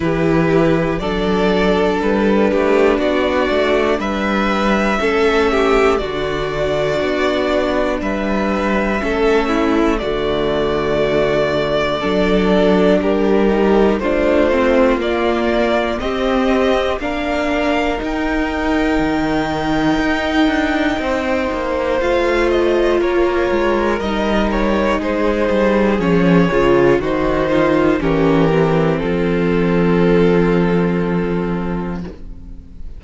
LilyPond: <<
  \new Staff \with { instrumentName = "violin" } { \time 4/4 \tempo 4 = 60 b'4 d''4 b'4 d''4 | e''2 d''2 | e''2 d''2~ | d''4 ais'4 c''4 d''4 |
dis''4 f''4 g''2~ | g''2 f''8 dis''8 cis''4 | dis''8 cis''8 c''4 cis''4 c''4 | ais'4 a'2. | }
  \new Staff \with { instrumentName = "violin" } { \time 4/4 g'4 a'4. g'8 fis'4 | b'4 a'8 g'8 fis'2 | b'4 a'8 e'8 fis'2 | a'4 g'4 f'2 |
g'4 ais'2.~ | ais'4 c''2 ais'4~ | ais'4 gis'2 fis'8 f'8 | g'4 f'2. | }
  \new Staff \with { instrumentName = "viola" } { \time 4/4 e'4 d'2.~ | d'4 cis'4 d'2~ | d'4 cis'4 a2 | d'4. dis'8 d'8 c'8 ais4 |
c'4 d'4 dis'2~ | dis'2 f'2 | dis'2 cis'8 f'8 dis'4 | cis'8 c'2.~ c'8 | }
  \new Staff \with { instrumentName = "cello" } { \time 4/4 e4 fis4 g8 a8 b8 a8 | g4 a4 d4 b4 | g4 a4 d2 | fis4 g4 a4 ais4 |
c'4 ais4 dis'4 dis4 | dis'8 d'8 c'8 ais8 a4 ais8 gis8 | g4 gis8 g8 f8 cis8 dis4 | e4 f2. | }
>>